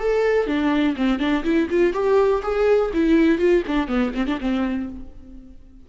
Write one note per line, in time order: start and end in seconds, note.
0.00 0.47 A4
0.47 0.96 D4
0.97 1.20 C4
1.20 1.44 D4
1.44 1.69 E4
1.71 1.94 F4
1.94 2.43 G4
2.43 2.92 G#4
2.94 3.39 E4
3.39 3.63 F4
3.68 3.88 D4
3.88 4.13 B3
4.15 4.27 C4
4.27 4.39 D4
4.41 4.90 C4